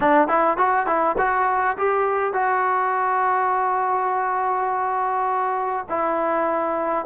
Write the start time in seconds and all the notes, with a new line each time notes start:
0.00 D4
0.28 E4
0.57 F#4
0.86 E4
1.18 F#4
1.77 G4
2.33 F#4
5.89 E4